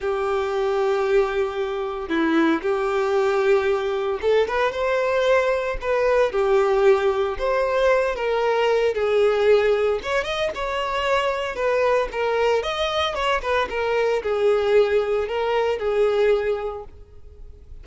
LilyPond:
\new Staff \with { instrumentName = "violin" } { \time 4/4 \tempo 4 = 114 g'1 | e'4 g'2. | a'8 b'8 c''2 b'4 | g'2 c''4. ais'8~ |
ais'4 gis'2 cis''8 dis''8 | cis''2 b'4 ais'4 | dis''4 cis''8 b'8 ais'4 gis'4~ | gis'4 ais'4 gis'2 | }